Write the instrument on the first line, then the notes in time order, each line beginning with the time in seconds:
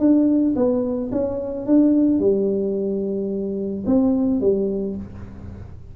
tuba
0.00 D4
0.56 B3
1.12 C#4
1.67 D4
2.20 G3
3.87 C4
4.41 G3